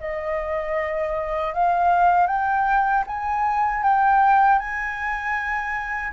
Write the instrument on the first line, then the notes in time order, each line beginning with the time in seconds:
flute
0.00 D#5
1.54 F5
2.27 G5
3.07 G#5
3.83 G5
4.58 G#5